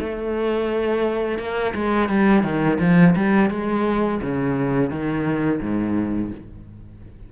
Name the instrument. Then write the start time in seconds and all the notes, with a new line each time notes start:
cello
0.00 A3
1.39 A#3
1.75 G#3
2.10 G3
2.44 D#3
2.80 F3
3.16 G3
3.51 G#3
4.22 C#3
4.91 D#3
5.61 G#2